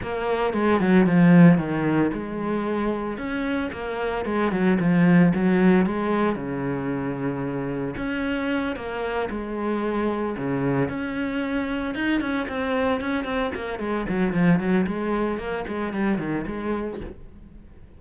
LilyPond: \new Staff \with { instrumentName = "cello" } { \time 4/4 \tempo 4 = 113 ais4 gis8 fis8 f4 dis4 | gis2 cis'4 ais4 | gis8 fis8 f4 fis4 gis4 | cis2. cis'4~ |
cis'8 ais4 gis2 cis8~ | cis8 cis'2 dis'8 cis'8 c'8~ | c'8 cis'8 c'8 ais8 gis8 fis8 f8 fis8 | gis4 ais8 gis8 g8 dis8 gis4 | }